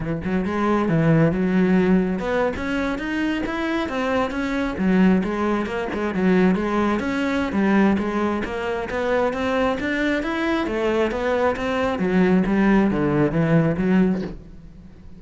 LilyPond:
\new Staff \with { instrumentName = "cello" } { \time 4/4 \tempo 4 = 135 e8 fis8 gis4 e4 fis4~ | fis4 b8. cis'4 dis'4 e'16~ | e'8. c'4 cis'4 fis4 gis16~ | gis8. ais8 gis8 fis4 gis4 cis'16~ |
cis'4 g4 gis4 ais4 | b4 c'4 d'4 e'4 | a4 b4 c'4 fis4 | g4 d4 e4 fis4 | }